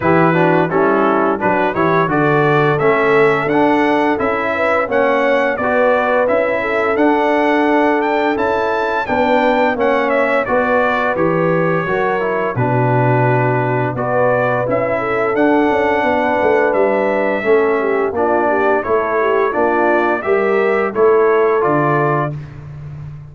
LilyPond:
<<
  \new Staff \with { instrumentName = "trumpet" } { \time 4/4 \tempo 4 = 86 b'4 a'4 b'8 cis''8 d''4 | e''4 fis''4 e''4 fis''4 | d''4 e''4 fis''4. g''8 | a''4 g''4 fis''8 e''8 d''4 |
cis''2 b'2 | d''4 e''4 fis''2 | e''2 d''4 cis''4 | d''4 e''4 cis''4 d''4 | }
  \new Staff \with { instrumentName = "horn" } { \time 4/4 g'8 fis'8 e'4 fis'8 g'8 a'4~ | a'2~ a'8 b'8 cis''4 | b'4. a'2~ a'8~ | a'4 b'4 cis''4 b'4~ |
b'4 ais'4 fis'2 | b'4. a'4. b'4~ | b'4 a'8 g'8 f'8 g'8 a'8 g'8 | f'4 ais'4 a'2 | }
  \new Staff \with { instrumentName = "trombone" } { \time 4/4 e'8 d'8 cis'4 d'8 e'8 fis'4 | cis'4 d'4 e'4 cis'4 | fis'4 e'4 d'2 | e'4 d'4 cis'4 fis'4 |
g'4 fis'8 e'8 d'2 | fis'4 e'4 d'2~ | d'4 cis'4 d'4 e'4 | d'4 g'4 e'4 f'4 | }
  \new Staff \with { instrumentName = "tuba" } { \time 4/4 e4 g4 fis8 e8 d4 | a4 d'4 cis'4 ais4 | b4 cis'4 d'2 | cis'4 b4 ais4 b4 |
e4 fis4 b,2 | b4 cis'4 d'8 cis'8 b8 a8 | g4 a4 ais4 a4 | ais4 g4 a4 d4 | }
>>